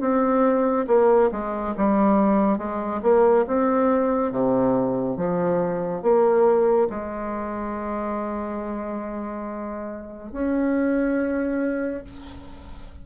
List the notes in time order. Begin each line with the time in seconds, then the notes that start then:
0.00 C4
0.87 A#3
1.31 G#3
1.77 G3
2.58 G#3
3.02 A#3
3.47 C4
4.32 C3
5.17 F3
6.02 A#3
6.90 G#3
10.32 C#4